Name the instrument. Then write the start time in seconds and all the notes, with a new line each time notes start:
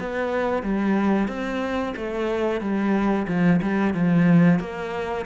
cello
0.00 B3
0.63 G3
1.28 C4
1.97 A3
2.61 G3
3.28 F3
3.62 G3
3.94 F3
4.60 A#3